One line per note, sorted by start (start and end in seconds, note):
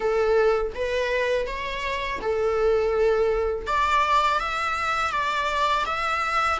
0.00 0.73 A4
0.75 1.46 B4
1.46 2.20 C#5
2.21 3.66 A4
3.66 4.39 D5
4.39 5.11 E5
5.11 5.84 D5
5.85 6.59 E5